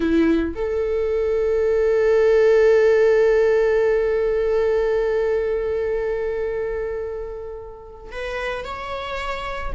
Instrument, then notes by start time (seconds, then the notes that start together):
viola
0.00 E4
0.55 A4
8.11 B4
8.64 C#5